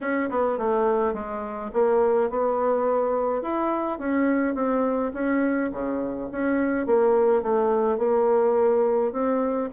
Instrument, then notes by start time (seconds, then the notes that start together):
bassoon
0.01 C#4
0.29 B3
0.58 A3
1.13 G#3
1.73 A#3
2.30 B3
3.41 E4
3.98 C#4
4.54 C4
5.13 C#4
5.72 C#3
6.31 C#4
6.86 A#3
7.42 A3
7.98 A#3
9.12 C4